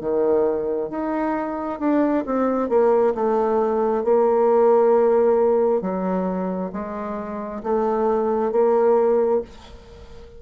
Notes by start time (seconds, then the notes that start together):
0.00 D#3
0.90 D#4
1.79 D4
2.26 C4
2.69 A#3
3.14 A3
4.03 A#3
5.81 F#3
6.72 G#3
7.62 A3
8.51 A#3